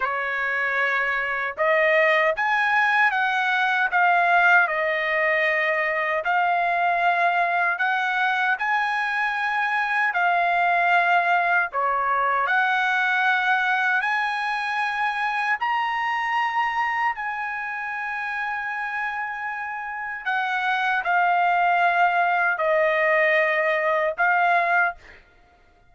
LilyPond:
\new Staff \with { instrumentName = "trumpet" } { \time 4/4 \tempo 4 = 77 cis''2 dis''4 gis''4 | fis''4 f''4 dis''2 | f''2 fis''4 gis''4~ | gis''4 f''2 cis''4 |
fis''2 gis''2 | ais''2 gis''2~ | gis''2 fis''4 f''4~ | f''4 dis''2 f''4 | }